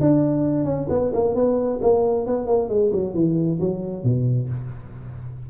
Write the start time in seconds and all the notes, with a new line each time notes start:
0.00 D4
0.64 C#4
0.89 B3
1.13 A#3
1.35 B3
1.81 A#3
2.26 B3
2.46 A#3
2.68 G#3
2.92 F#3
3.14 E3
3.60 F#3
4.03 B2